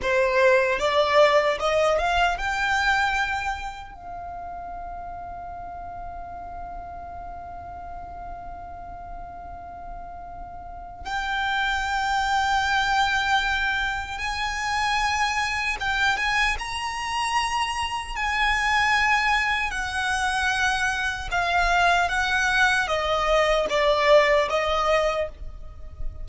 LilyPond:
\new Staff \with { instrumentName = "violin" } { \time 4/4 \tempo 4 = 76 c''4 d''4 dis''8 f''8 g''4~ | g''4 f''2.~ | f''1~ | f''2 g''2~ |
g''2 gis''2 | g''8 gis''8 ais''2 gis''4~ | gis''4 fis''2 f''4 | fis''4 dis''4 d''4 dis''4 | }